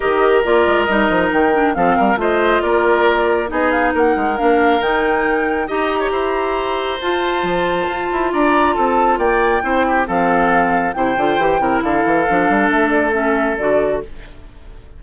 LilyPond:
<<
  \new Staff \with { instrumentName = "flute" } { \time 4/4 \tempo 4 = 137 dis''4 d''4 dis''4 g''4 | f''4 dis''4 d''2 | dis''8 f''8 fis''4 f''4 g''4~ | g''4 ais''2. |
a''2. ais''4 | a''4 g''2 f''4~ | f''4 g''2 f''4~ | f''4 e''8 d''8 e''4 d''4 | }
  \new Staff \with { instrumentName = "oboe" } { \time 4/4 ais'1 | a'8 ais'8 c''4 ais'2 | gis'4 ais'2.~ | ais'4 dis''8. cis''16 c''2~ |
c''2. d''4 | a'4 d''4 c''8 g'8 a'4~ | a'4 c''4. ais'8 a'4~ | a'1 | }
  \new Staff \with { instrumentName = "clarinet" } { \time 4/4 g'4 f'4 dis'4. d'8 | c'4 f'2. | dis'2 d'4 dis'4~ | dis'4 g'2. |
f'1~ | f'2 e'4 c'4~ | c'4 e'8 f'8 g'8 e'4. | d'2 cis'4 fis'4 | }
  \new Staff \with { instrumentName = "bassoon" } { \time 4/4 dis4 ais8 gis8 g8 f8 dis4 | f8 g8 a4 ais2 | b4 ais8 gis8 ais4 dis4~ | dis4 dis'4 e'2 |
f'4 f4 f'8 e'8 d'4 | c'4 ais4 c'4 f4~ | f4 c8 d8 e8 c8 d8 e8 | f8 g8 a2 d4 | }
>>